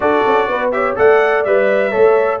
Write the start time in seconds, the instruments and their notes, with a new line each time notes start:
0.00 tuba D4, trombone F#4, horn A4, trumpet D5
0.26 tuba C#4
0.47 tuba B3, horn B4
0.71 trombone G4, horn C#5, trumpet E5
0.96 tuba A3, trombone A4, horn D5, trumpet F#5
1.44 tuba G3, trombone B4, trumpet E5
1.91 tuba A3, trombone A4, horn C#5